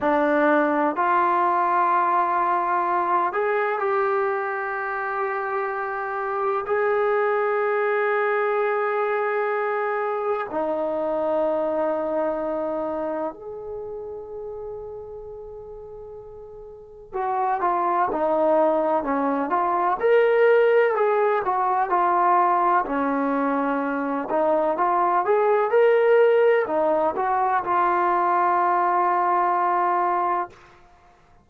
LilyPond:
\new Staff \with { instrumentName = "trombone" } { \time 4/4 \tempo 4 = 63 d'4 f'2~ f'8 gis'8 | g'2. gis'4~ | gis'2. dis'4~ | dis'2 gis'2~ |
gis'2 fis'8 f'8 dis'4 | cis'8 f'8 ais'4 gis'8 fis'8 f'4 | cis'4. dis'8 f'8 gis'8 ais'4 | dis'8 fis'8 f'2. | }